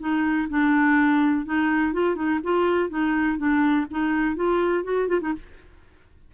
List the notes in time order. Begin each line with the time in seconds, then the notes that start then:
0.00 D#4
0.50 D4
1.46 D#4
1.93 F4
2.16 D#4
2.44 F4
2.90 D#4
3.38 D4
3.91 D#4
4.36 F4
4.84 F#4
5.09 F4
5.21 D#4